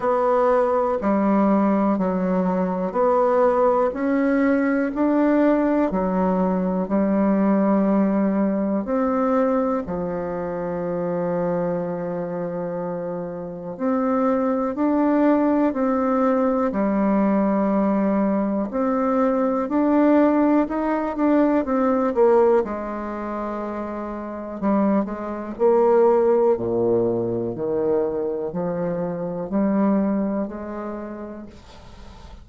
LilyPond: \new Staff \with { instrumentName = "bassoon" } { \time 4/4 \tempo 4 = 61 b4 g4 fis4 b4 | cis'4 d'4 fis4 g4~ | g4 c'4 f2~ | f2 c'4 d'4 |
c'4 g2 c'4 | d'4 dis'8 d'8 c'8 ais8 gis4~ | gis4 g8 gis8 ais4 ais,4 | dis4 f4 g4 gis4 | }